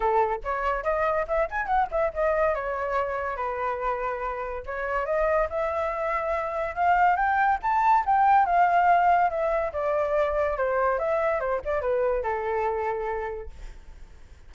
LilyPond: \new Staff \with { instrumentName = "flute" } { \time 4/4 \tempo 4 = 142 a'4 cis''4 dis''4 e''8 gis''8 | fis''8 e''8 dis''4 cis''2 | b'2. cis''4 | dis''4 e''2. |
f''4 g''4 a''4 g''4 | f''2 e''4 d''4~ | d''4 c''4 e''4 c''8 d''8 | b'4 a'2. | }